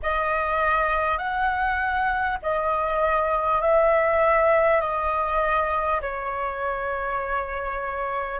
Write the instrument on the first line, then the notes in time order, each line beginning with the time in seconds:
flute
0.02 D#5
1.18 F#5
2.42 D#5
3.61 E5
4.80 D#5
6.01 C#5